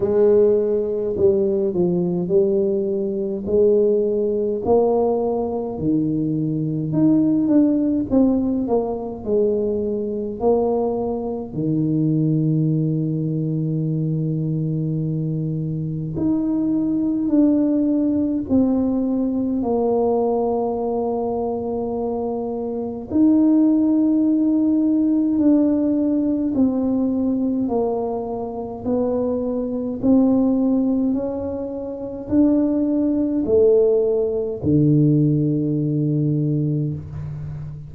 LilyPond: \new Staff \with { instrumentName = "tuba" } { \time 4/4 \tempo 4 = 52 gis4 g8 f8 g4 gis4 | ais4 dis4 dis'8 d'8 c'8 ais8 | gis4 ais4 dis2~ | dis2 dis'4 d'4 |
c'4 ais2. | dis'2 d'4 c'4 | ais4 b4 c'4 cis'4 | d'4 a4 d2 | }